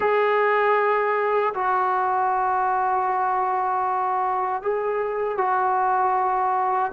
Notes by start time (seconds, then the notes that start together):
0.00 G#4
1.54 F#4
4.62 G#4
5.37 F#4